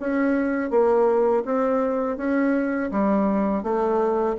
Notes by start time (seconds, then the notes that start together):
0.00 C#4
0.70 A#3
1.45 C4
2.17 C#4
2.91 G3
3.63 A3